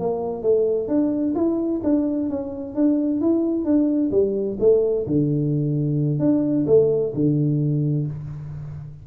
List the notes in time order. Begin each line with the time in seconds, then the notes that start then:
0.00 A#3
0.43 A3
0.88 D4
1.35 E4
1.84 D4
2.30 C#4
2.75 D4
3.21 E4
3.65 D4
4.12 G3
4.60 A3
5.07 D3
6.20 D4
6.67 A3
7.15 D3